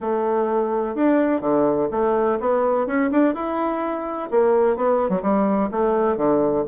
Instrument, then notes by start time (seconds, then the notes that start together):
bassoon
0.00 A3
0.95 D4
1.40 D3
1.91 A3
2.40 B3
2.86 C#4
3.11 D4
3.34 E4
4.30 A#3
4.76 B3
5.09 F#3
5.21 G3
5.71 A3
6.16 D3